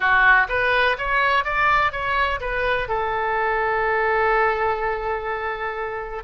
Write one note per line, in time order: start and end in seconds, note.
0.00 0.47 F#4
0.48 0.96 B4
0.98 1.44 C#5
1.44 1.92 D5
1.92 2.40 C#5
2.40 2.88 B4
2.88 6.23 A4